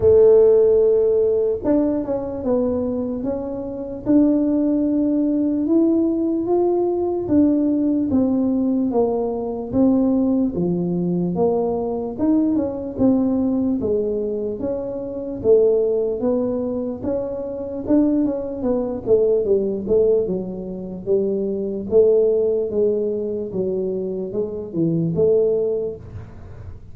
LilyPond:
\new Staff \with { instrumentName = "tuba" } { \time 4/4 \tempo 4 = 74 a2 d'8 cis'8 b4 | cis'4 d'2 e'4 | f'4 d'4 c'4 ais4 | c'4 f4 ais4 dis'8 cis'8 |
c'4 gis4 cis'4 a4 | b4 cis'4 d'8 cis'8 b8 a8 | g8 a8 fis4 g4 a4 | gis4 fis4 gis8 e8 a4 | }